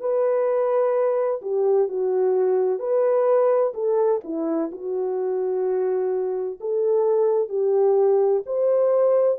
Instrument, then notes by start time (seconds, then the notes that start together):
horn
0.00 B4
1.41 G4
1.88 F#4
2.79 B4
3.74 A4
4.24 E4
4.71 F#4
6.60 A4
7.49 G4
8.46 C5